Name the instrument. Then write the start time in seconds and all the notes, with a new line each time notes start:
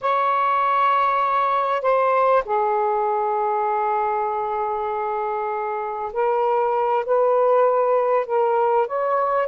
saxophone
0.01 C#5
1.81 C5
2.45 G#4
6.12 A#4
7.05 B4
8.26 A#4
8.87 C#5